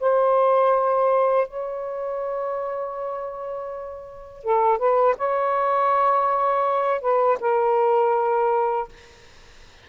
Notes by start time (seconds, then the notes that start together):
0.00 C5
1.48 C#5
4.44 A4
4.78 B4
5.18 C#5
7.01 B4
7.40 A#4